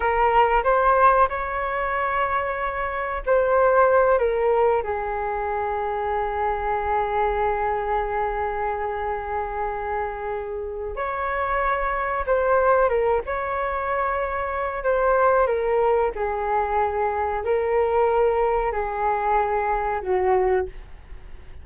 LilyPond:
\new Staff \with { instrumentName = "flute" } { \time 4/4 \tempo 4 = 93 ais'4 c''4 cis''2~ | cis''4 c''4. ais'4 gis'8~ | gis'1~ | gis'1~ |
gis'4 cis''2 c''4 | ais'8 cis''2~ cis''8 c''4 | ais'4 gis'2 ais'4~ | ais'4 gis'2 fis'4 | }